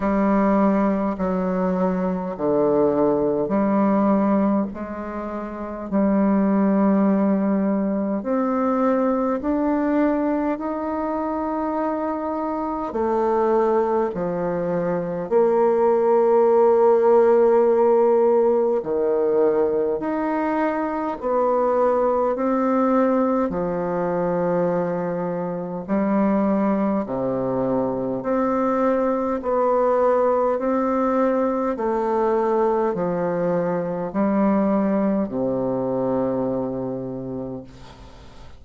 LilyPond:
\new Staff \with { instrumentName = "bassoon" } { \time 4/4 \tempo 4 = 51 g4 fis4 d4 g4 | gis4 g2 c'4 | d'4 dis'2 a4 | f4 ais2. |
dis4 dis'4 b4 c'4 | f2 g4 c4 | c'4 b4 c'4 a4 | f4 g4 c2 | }